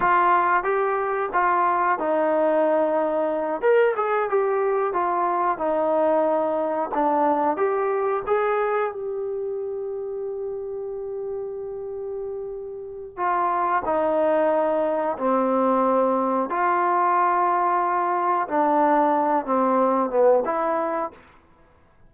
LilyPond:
\new Staff \with { instrumentName = "trombone" } { \time 4/4 \tempo 4 = 91 f'4 g'4 f'4 dis'4~ | dis'4. ais'8 gis'8 g'4 f'8~ | f'8 dis'2 d'4 g'8~ | g'8 gis'4 g'2~ g'8~ |
g'1 | f'4 dis'2 c'4~ | c'4 f'2. | d'4. c'4 b8 e'4 | }